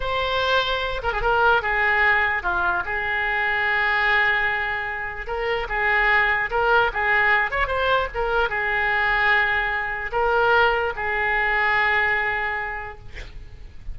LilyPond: \new Staff \with { instrumentName = "oboe" } { \time 4/4 \tempo 4 = 148 c''2~ c''8 ais'16 gis'16 ais'4 | gis'2 f'4 gis'4~ | gis'1~ | gis'4 ais'4 gis'2 |
ais'4 gis'4. cis''8 c''4 | ais'4 gis'2.~ | gis'4 ais'2 gis'4~ | gis'1 | }